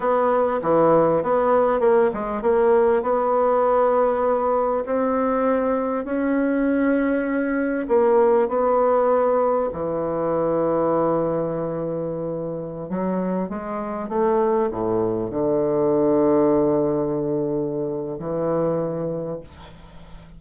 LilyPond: \new Staff \with { instrumentName = "bassoon" } { \time 4/4 \tempo 4 = 99 b4 e4 b4 ais8 gis8 | ais4 b2. | c'2 cis'2~ | cis'4 ais4 b2 |
e1~ | e4~ e16 fis4 gis4 a8.~ | a16 a,4 d2~ d8.~ | d2 e2 | }